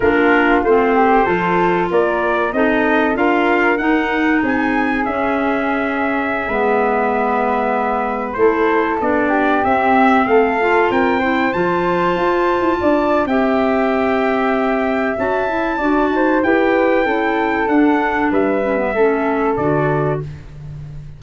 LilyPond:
<<
  \new Staff \with { instrumentName = "trumpet" } { \time 4/4 \tempo 4 = 95 ais'4 c''2 d''4 | dis''4 f''4 fis''4 gis''4 | e''1~ | e''4~ e''16 c''4 d''4 e''8.~ |
e''16 f''4 g''4 a''4.~ a''16~ | a''4 g''2. | a''2 g''2 | fis''4 e''2 d''4 | }
  \new Staff \with { instrumentName = "flute" } { \time 4/4 f'4. g'8 a'4 ais'4 | a'4 ais'2 gis'4~ | gis'2~ gis'16 b'4.~ b'16~ | b'4~ b'16 a'4. g'4~ g'16~ |
g'16 a'4 ais'8 c''2~ c''16~ | c''16 d''8. e''2.~ | e''4 d''8 c''8 b'4 a'4~ | a'4 b'4 a'2 | }
  \new Staff \with { instrumentName = "clarinet" } { \time 4/4 d'4 c'4 f'2 | dis'4 f'4 dis'2 | cis'2~ cis'16 b4.~ b16~ | b4~ b16 e'4 d'4 c'8.~ |
c'8. f'4 e'8 f'4.~ f'16~ | f'4 g'2. | fis'8 e'8 fis'4 g'4 e'4 | d'4. cis'16 b16 cis'4 fis'4 | }
  \new Staff \with { instrumentName = "tuba" } { \time 4/4 ais4 a4 f4 ais4 | c'4 d'4 dis'4 c'4 | cis'2~ cis'16 gis4.~ gis16~ | gis4~ gis16 a4 b4 c'8.~ |
c'16 a4 c'4 f4 f'8. | e'16 d'8. c'2. | cis'4 d'8 dis'8 e'4 cis'4 | d'4 g4 a4 d4 | }
>>